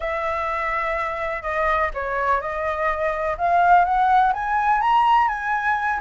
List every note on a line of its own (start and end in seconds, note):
0.00 1.42 E5
1.42 1.90 D#5
1.94 2.40 C#5
2.40 3.36 D#5
3.37 3.84 F5
3.84 4.32 F#5
4.33 4.81 G#5
4.81 5.28 A#5
5.28 6.00 G#5